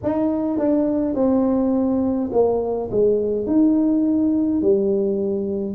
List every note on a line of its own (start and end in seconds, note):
0.03 0.58 D#4
0.58 1.14 D4
1.14 2.30 C4
2.32 2.90 A#3
2.91 3.46 G#3
3.46 4.62 D#4
4.62 5.75 G3